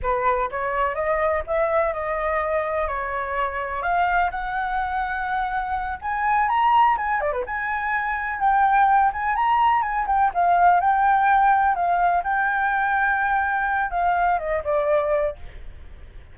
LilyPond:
\new Staff \with { instrumentName = "flute" } { \time 4/4 \tempo 4 = 125 b'4 cis''4 dis''4 e''4 | dis''2 cis''2 | f''4 fis''2.~ | fis''8 gis''4 ais''4 gis''8 d''16 b'16 gis''8~ |
gis''4. g''4. gis''8 ais''8~ | ais''8 gis''8 g''8 f''4 g''4.~ | g''8 f''4 g''2~ g''8~ | g''4 f''4 dis''8 d''4. | }